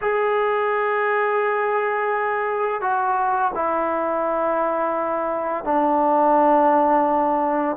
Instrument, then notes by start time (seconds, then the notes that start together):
trombone
0.01 G#4
2.81 F#4
3.54 E4
5.64 D4